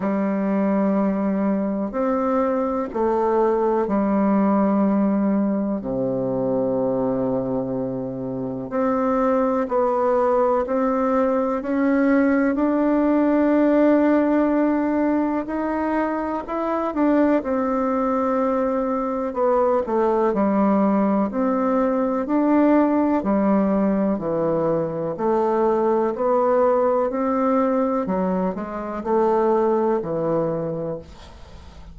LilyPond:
\new Staff \with { instrumentName = "bassoon" } { \time 4/4 \tempo 4 = 62 g2 c'4 a4 | g2 c2~ | c4 c'4 b4 c'4 | cis'4 d'2. |
dis'4 e'8 d'8 c'2 | b8 a8 g4 c'4 d'4 | g4 e4 a4 b4 | c'4 fis8 gis8 a4 e4 | }